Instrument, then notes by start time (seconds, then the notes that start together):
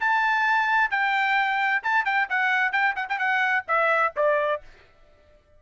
trumpet
0.00 A5
0.90 G5
1.83 A5
2.05 G5
2.29 F#5
2.72 G5
2.95 F#5
3.09 G5
3.19 F#5
3.68 E5
4.16 D5